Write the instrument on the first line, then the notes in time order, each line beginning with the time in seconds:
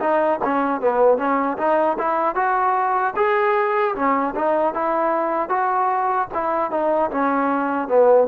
trombone
0.00 D#4
0.44 C#4
0.81 B3
1.18 C#4
1.58 D#4
1.98 E4
2.35 F#4
3.16 G#4
3.95 C#4
4.35 D#4
4.74 E4
5.49 F#4
6.34 E4
6.71 D#4
7.11 C#4
7.88 B3